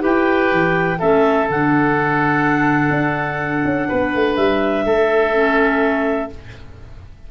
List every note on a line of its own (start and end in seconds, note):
0.00 0.52 E4
0.00 0.97 G4
0.00 0.99 B4
0.00 1.00 G5
0.52 1.01 E3
0.99 1.49 A3
0.99 1.48 C#4
0.99 3.89 A4
0.99 1.48 E5
1.48 2.90 D3
1.48 5.34 D4
1.48 4.36 F#5
2.90 3.63 D4
3.65 3.89 C#4
3.89 4.15 B3
3.89 4.85 B4
4.15 4.37 A3
4.36 4.85 G3
4.36 6.30 E5
4.85 6.31 A3
4.85 6.31 A4
5.34 6.30 C#4